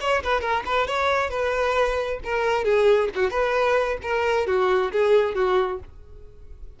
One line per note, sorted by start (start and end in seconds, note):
0.00 0.22 C#5
0.23 0.41 B4
0.41 0.63 A#4
0.65 0.87 B4
0.87 1.30 C#5
1.30 2.19 B4
2.24 2.64 A#4
2.64 3.09 G#4
3.15 3.30 F#4
3.30 3.97 B4
4.02 4.46 A#4
4.46 4.91 F#4
4.92 5.34 G#4
5.34 5.79 F#4